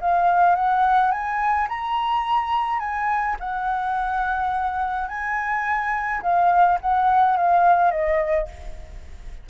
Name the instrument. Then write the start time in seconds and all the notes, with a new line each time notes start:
flute
0.00 F5
0.55 F#5
1.11 G#5
1.68 A#5
2.79 G#5
3.39 F#5
5.08 G#5
6.22 F5
6.81 F#5
7.36 F5
7.91 D#5